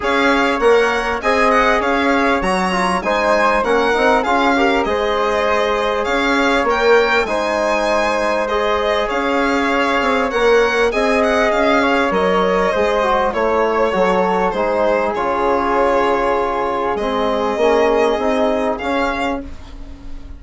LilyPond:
<<
  \new Staff \with { instrumentName = "violin" } { \time 4/4 \tempo 4 = 99 f''4 fis''4 gis''8 fis''8 f''4 | ais''4 gis''4 fis''4 f''4 | dis''2 f''4 g''4 | gis''2 dis''4 f''4~ |
f''4 fis''4 gis''8 fis''8 f''4 | dis''2 cis''2 | c''4 cis''2. | dis''2. f''4 | }
  \new Staff \with { instrumentName = "flute" } { \time 4/4 cis''2 dis''4 cis''4~ | cis''4 c''4 ais'4 gis'8 ais'8 | c''2 cis''2 | c''2. cis''4~ |
cis''2 dis''4. cis''8~ | cis''4 c''4 cis''4 a'4 | gis'1~ | gis'1 | }
  \new Staff \with { instrumentName = "trombone" } { \time 4/4 gis'4 ais'4 gis'2 | fis'8 f'8 dis'4 cis'8 dis'8 f'8 g'8 | gis'2. ais'4 | dis'2 gis'2~ |
gis'4 ais'4 gis'2 | ais'4 gis'8 fis'8 e'4 fis'4 | dis'4 f'2. | c'4 cis'4 dis'4 cis'4 | }
  \new Staff \with { instrumentName = "bassoon" } { \time 4/4 cis'4 ais4 c'4 cis'4 | fis4 gis4 ais8 c'8 cis'4 | gis2 cis'4 ais4 | gis2. cis'4~ |
cis'8 c'8 ais4 c'4 cis'4 | fis4 gis4 a4 fis4 | gis4 cis2. | gis4 ais4 c'4 cis'4 | }
>>